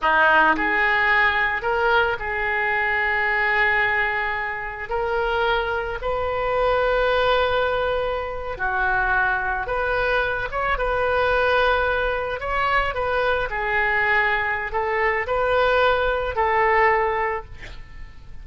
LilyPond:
\new Staff \with { instrumentName = "oboe" } { \time 4/4 \tempo 4 = 110 dis'4 gis'2 ais'4 | gis'1~ | gis'4 ais'2 b'4~ | b'2.~ b'8. fis'16~ |
fis'4.~ fis'16 b'4. cis''8 b'16~ | b'2~ b'8. cis''4 b'16~ | b'8. gis'2~ gis'16 a'4 | b'2 a'2 | }